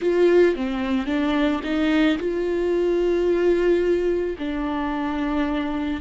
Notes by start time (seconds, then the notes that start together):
0.01 F4
0.55 C4
1.06 D4
1.63 D#4
2.18 F4
4.38 D4